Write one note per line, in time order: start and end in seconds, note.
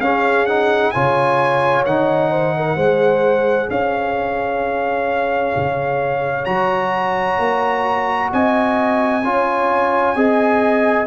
0.00 0.92 C#4
0.00 0.48 C#4
0.00 0.93 G#4
0.00 0.46 F5
0.46 0.94 D#4
0.46 0.91 F#5
0.91 1.86 C#3
0.91 1.86 F4
0.91 2.31 C#5
0.91 1.83 G#5
1.85 2.76 D#3
1.85 2.77 D#4
1.85 3.70 F#5
2.31 2.54 C5
2.56 2.76 A#4
2.76 3.68 G#3
2.76 6.46 G#4
2.76 3.68 C5
3.70 5.55 C#4
3.70 8.32 C#5
3.70 6.45 F5
5.56 6.47 C#3
6.45 7.38 F#3
6.45 9.23 F#4
6.45 8.29 A#5
7.38 8.30 A#3
8.32 9.24 C4
8.32 9.25 D#5
8.32 11.06 G#5
9.24 10.15 C#4
9.24 10.16 F4
9.24 10.17 C#5
10.15 11.06 C4
10.15 11.06 G#4
10.15 11.06 D#5